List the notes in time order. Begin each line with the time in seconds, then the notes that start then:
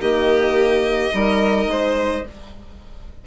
0.00 D#3 A#3 G4 D#5
1.13 G3 D#4 A#4
1.67 G#3 C5